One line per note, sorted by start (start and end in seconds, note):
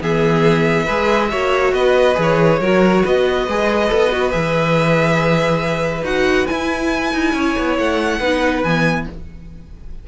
0.00 0.87 E3
0.00 0.86 B3
0.00 0.85 G#4
0.00 1.73 E5
0.85 1.32 G#3
0.85 1.30 G#4
0.85 1.28 B4
1.30 1.72 A#3
1.30 2.14 F#4
1.30 1.73 C#5
1.72 2.15 B3
1.72 2.59 B4
1.72 2.17 D#5
2.14 2.60 E3
2.14 2.58 G#4
2.22 3.06 C#5
2.60 3.03 F#3
2.60 3.48 F#4
2.60 3.03 A#4
3.03 3.47 B3
3.03 7.34 B4
3.03 4.31 D#5
3.47 3.90 G#3
3.47 3.88 G#4
3.88 4.33 B3
3.88 4.10 A4
4.12 4.30 F#4
4.30 6.02 E3
4.30 6.03 G#4
4.30 6.03 E5
6.02 6.45 D#4
6.02 6.47 F#4
6.02 6.46 F#5
6.46 8.20 E4
6.46 7.13 E4
6.46 7.76 G#5
7.13 7.33 D#4
7.33 7.54 C#4
7.33 8.19 C#5
7.57 7.78 B3
7.78 8.20 A3
7.78 8.63 F#5
8.19 8.63 B3
8.19 8.64 D#4
8.19 9.05 B4
8.63 9.07 E3
8.63 9.08 B3
8.63 9.06 G#5